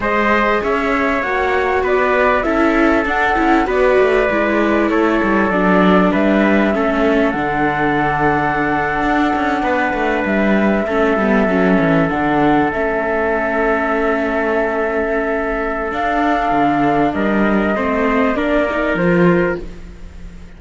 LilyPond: <<
  \new Staff \with { instrumentName = "flute" } { \time 4/4 \tempo 4 = 98 dis''4 e''4 fis''4 d''4 | e''4 fis''4 d''2 | cis''4 d''4 e''2 | fis''1~ |
fis''8. e''2. fis''16~ | fis''8. e''2.~ e''16~ | e''2 f''2 | dis''2 d''4 c''4 | }
  \new Staff \with { instrumentName = "trumpet" } { \time 4/4 c''4 cis''2 b'4 | a'2 b'2 | a'2 b'4 a'4~ | a'2.~ a'8. b'16~ |
b'4.~ b'16 a'2~ a'16~ | a'1~ | a'1 | ais'4 c''4 ais'2 | }
  \new Staff \with { instrumentName = "viola" } { \time 4/4 gis'2 fis'2 | e'4 d'8 e'8 fis'4 e'4~ | e'4 d'2 cis'4 | d'1~ |
d'4.~ d'16 cis'8 b8 cis'4 d'16~ | d'8. cis'2.~ cis'16~ | cis'2 d'2~ | d'4 c'4 d'8 dis'8 f'4 | }
  \new Staff \with { instrumentName = "cello" } { \time 4/4 gis4 cis'4 ais4 b4 | cis'4 d'8 cis'8 b8 a8 gis4 | a8 g8 fis4 g4 a4 | d2~ d8. d'8 cis'8 b16~ |
b16 a8 g4 a8 g8 fis8 e8 d16~ | d8. a2.~ a16~ | a2 d'4 d4 | g4 a4 ais4 f4 | }
>>